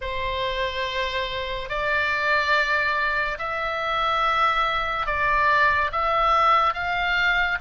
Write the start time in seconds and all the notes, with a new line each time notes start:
0.01 C5
1.69 D5
3.38 E5
5.06 D5
5.92 E5
6.73 F5